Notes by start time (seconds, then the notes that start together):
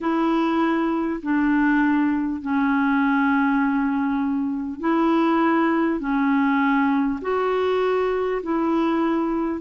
0.01 E4
1.22 D4
2.41 C#4
4.80 E4
5.99 C#4
7.21 F#4
8.43 E4